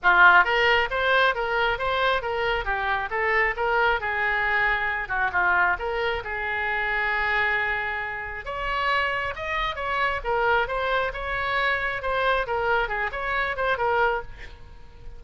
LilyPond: \new Staff \with { instrumentName = "oboe" } { \time 4/4 \tempo 4 = 135 f'4 ais'4 c''4 ais'4 | c''4 ais'4 g'4 a'4 | ais'4 gis'2~ gis'8 fis'8 | f'4 ais'4 gis'2~ |
gis'2. cis''4~ | cis''4 dis''4 cis''4 ais'4 | c''4 cis''2 c''4 | ais'4 gis'8 cis''4 c''8 ais'4 | }